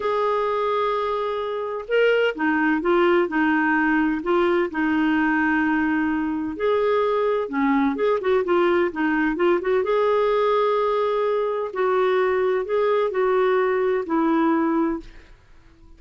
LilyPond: \new Staff \with { instrumentName = "clarinet" } { \time 4/4 \tempo 4 = 128 gis'1 | ais'4 dis'4 f'4 dis'4~ | dis'4 f'4 dis'2~ | dis'2 gis'2 |
cis'4 gis'8 fis'8 f'4 dis'4 | f'8 fis'8 gis'2.~ | gis'4 fis'2 gis'4 | fis'2 e'2 | }